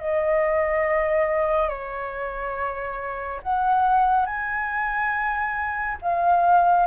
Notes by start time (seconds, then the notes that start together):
0.00 D#5
1.69 C#5
3.43 F#5
4.26 G#5
6.02 F5